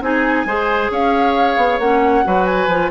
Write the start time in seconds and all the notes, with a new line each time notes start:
0.00 C4 D#4 G#4 G#5
0.45 G#3 G#4 C5
0.90 C#4 C#5 F5
1.56 B3
1.79 A#3 C#4 F#5
2.24 F#3 F#4 B4
2.44 G#5
2.67 F3 F4